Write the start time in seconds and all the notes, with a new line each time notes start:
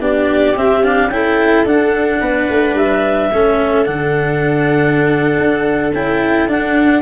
0.00 B3 D4 G4 D5
0.56 C4 E5
0.84 D4 F5
1.08 C#4 E4 A4 G5
1.65 D4 F#5
2.21 B3 B4
2.49 A3
2.74 G3 E5
3.32 A3 C#4 A4
3.85 D3 D4 F#5
5.38 D4
5.94 C#4 E4 G5
6.47 D4 F#5